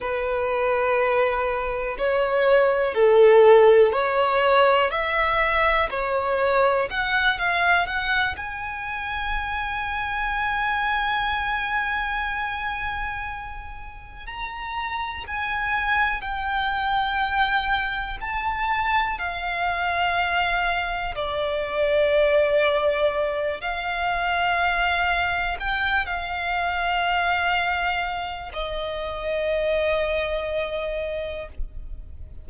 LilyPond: \new Staff \with { instrumentName = "violin" } { \time 4/4 \tempo 4 = 61 b'2 cis''4 a'4 | cis''4 e''4 cis''4 fis''8 f''8 | fis''8 gis''2.~ gis''8~ | gis''2~ gis''8 ais''4 gis''8~ |
gis''8 g''2 a''4 f''8~ | f''4. d''2~ d''8 | f''2 g''8 f''4.~ | f''4 dis''2. | }